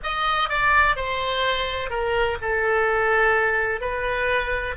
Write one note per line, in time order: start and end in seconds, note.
0.03 0.48 D#5
0.48 0.95 D5
0.95 1.90 C5
1.90 2.37 A#4
2.41 3.81 A4
3.81 4.76 B4